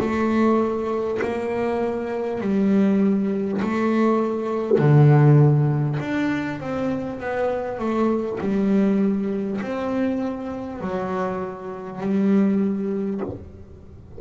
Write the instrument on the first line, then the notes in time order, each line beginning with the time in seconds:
double bass
0.00 A3
1.22 A#3
2.41 G3
3.62 A3
4.78 D3
6.01 D4
6.60 C4
7.21 B3
7.79 A3
8.41 G3
9.61 C4
10.81 F#3
12.01 G3